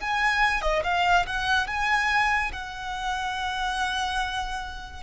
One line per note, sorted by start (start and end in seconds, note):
0.00 0.61 G#5
0.61 0.83 D#5
0.83 1.26 F5
1.26 1.67 F#5
1.67 2.52 G#5
2.52 5.03 F#5